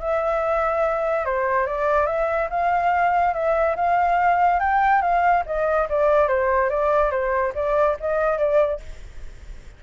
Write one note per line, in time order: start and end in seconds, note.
0.00 1.25 E5
1.25 1.66 C5
1.66 2.07 D5
2.07 2.49 E5
2.50 3.34 F5
3.34 3.76 E5
3.76 4.60 F5
4.60 5.02 G5
5.02 5.44 F5
5.46 5.88 D#5
5.90 6.28 D5
6.28 6.70 C5
6.70 7.11 D5
7.11 7.53 C5
7.55 7.97 D5
8.00 8.38 D#5
8.38 8.80 D5